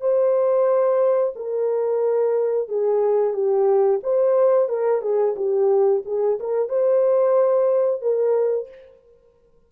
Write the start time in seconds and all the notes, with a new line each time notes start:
0.00 C5
1.35 A#4
2.68 G#4
3.33 G4
4.03 C5
4.68 A#4
5.01 G#4
5.36 G4
6.05 G#4
6.39 A#4
6.68 C5
8.01 A#4